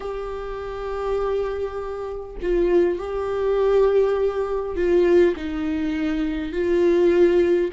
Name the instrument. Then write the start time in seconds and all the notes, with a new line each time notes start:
viola
0.00 G4
2.42 F4
2.98 G4
4.76 F4
5.36 D#4
6.52 F4